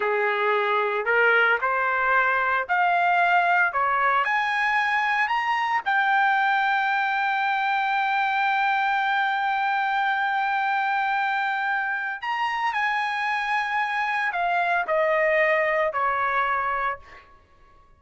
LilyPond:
\new Staff \with { instrumentName = "trumpet" } { \time 4/4 \tempo 4 = 113 gis'2 ais'4 c''4~ | c''4 f''2 cis''4 | gis''2 ais''4 g''4~ | g''1~ |
g''1~ | g''2. ais''4 | gis''2. f''4 | dis''2 cis''2 | }